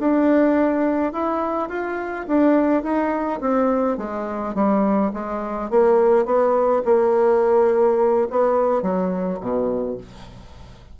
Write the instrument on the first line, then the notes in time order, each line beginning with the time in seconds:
bassoon
0.00 D4
1.13 E4
1.69 F4
2.28 D4
2.83 D#4
3.41 C4
3.98 G#3
4.55 G3
5.14 G#3
5.70 A#3
6.25 B3
6.85 A#3
8.31 B3
8.82 F#3
9.41 B2